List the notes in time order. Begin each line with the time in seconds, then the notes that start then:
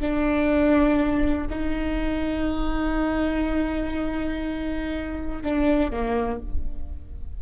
0.00 D4
1.50 D#4
5.43 D4
5.91 A#3